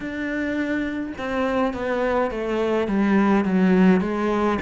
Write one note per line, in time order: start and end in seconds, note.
0.00 1.13 D4
1.17 1.73 C4
1.73 2.31 B3
2.31 2.87 A3
2.87 3.45 G3
3.45 4.01 F#3
4.01 4.58 G#3